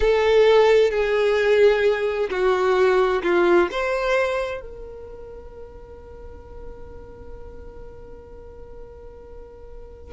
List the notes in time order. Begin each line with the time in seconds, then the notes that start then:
0.00 A4
0.91 G#4
2.30 F#4
3.22 F4
3.71 C5
4.60 A#4